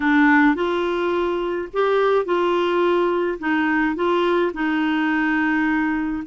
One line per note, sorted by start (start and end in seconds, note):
0.00 0.55 D4
0.55 1.68 F4
1.73 2.25 G4
2.25 3.38 F4
3.39 3.95 D#4
3.95 4.52 F4
4.53 6.23 D#4